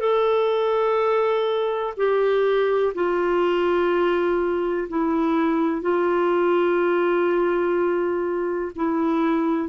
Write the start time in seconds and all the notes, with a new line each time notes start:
0.00 A4
1.97 G4
2.95 F4
4.89 E4
5.82 F4
8.76 E4